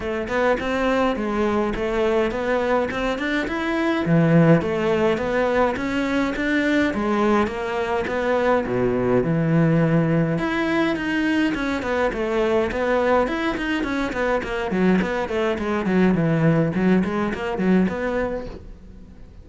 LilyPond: \new Staff \with { instrumentName = "cello" } { \time 4/4 \tempo 4 = 104 a8 b8 c'4 gis4 a4 | b4 c'8 d'8 e'4 e4 | a4 b4 cis'4 d'4 | gis4 ais4 b4 b,4 |
e2 e'4 dis'4 | cis'8 b8 a4 b4 e'8 dis'8 | cis'8 b8 ais8 fis8 b8 a8 gis8 fis8 | e4 fis8 gis8 ais8 fis8 b4 | }